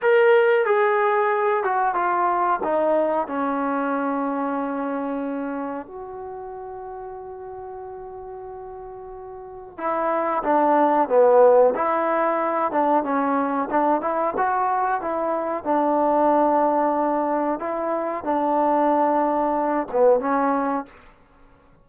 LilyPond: \new Staff \with { instrumentName = "trombone" } { \time 4/4 \tempo 4 = 92 ais'4 gis'4. fis'8 f'4 | dis'4 cis'2.~ | cis'4 fis'2.~ | fis'2. e'4 |
d'4 b4 e'4. d'8 | cis'4 d'8 e'8 fis'4 e'4 | d'2. e'4 | d'2~ d'8 b8 cis'4 | }